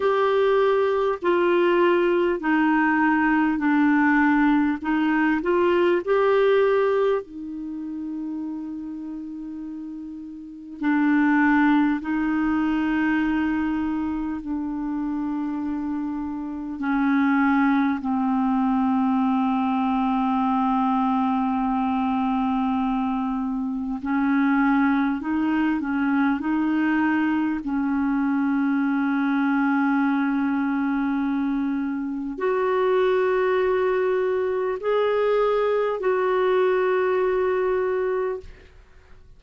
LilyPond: \new Staff \with { instrumentName = "clarinet" } { \time 4/4 \tempo 4 = 50 g'4 f'4 dis'4 d'4 | dis'8 f'8 g'4 dis'2~ | dis'4 d'4 dis'2 | d'2 cis'4 c'4~ |
c'1 | cis'4 dis'8 cis'8 dis'4 cis'4~ | cis'2. fis'4~ | fis'4 gis'4 fis'2 | }